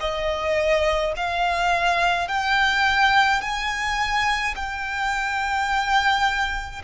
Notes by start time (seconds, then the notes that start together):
0.00 D#5
1.16 F5
2.28 G5
3.41 G#5
4.55 G5